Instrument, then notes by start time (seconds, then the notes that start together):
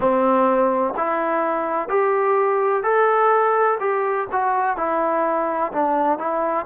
trombone
0.00 C4
0.96 E4
1.88 G4
2.83 A4
3.80 G4
4.32 F#4
4.76 E4
5.72 D4
6.18 E4